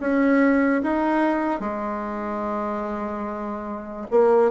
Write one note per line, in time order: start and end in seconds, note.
0.00 0.82 C#4
0.83 1.60 D#4
1.60 4.06 G#3
4.11 4.51 A#3